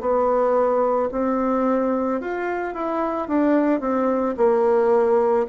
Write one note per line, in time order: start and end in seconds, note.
0.00 1.09 B3
1.12 2.21 C4
2.21 2.74 F4
2.74 3.28 E4
3.28 3.80 D4
3.80 4.35 C4
4.37 5.46 A#3